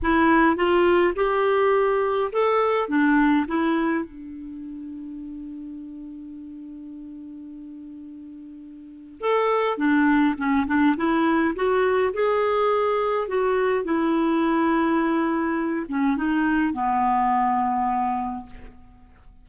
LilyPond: \new Staff \with { instrumentName = "clarinet" } { \time 4/4 \tempo 4 = 104 e'4 f'4 g'2 | a'4 d'4 e'4 d'4~ | d'1~ | d'1 |
a'4 d'4 cis'8 d'8 e'4 | fis'4 gis'2 fis'4 | e'2.~ e'8 cis'8 | dis'4 b2. | }